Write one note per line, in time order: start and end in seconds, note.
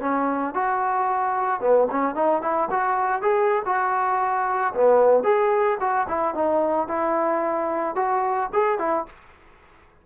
0.00 0.54 C#4
0.54 1.61 F#4
1.61 1.88 B3
1.91 2.15 C#4
2.15 2.42 D#4
2.42 2.69 E4
2.71 3.22 F#4
3.22 3.62 G#4
3.65 4.73 F#4
4.74 5.24 B3
5.24 5.78 G#4
5.80 6.07 F#4
6.08 6.34 E4
6.34 6.88 D#4
6.88 7.96 E4
7.96 8.50 F#4
8.53 8.79 G#4
8.79 9.06 E4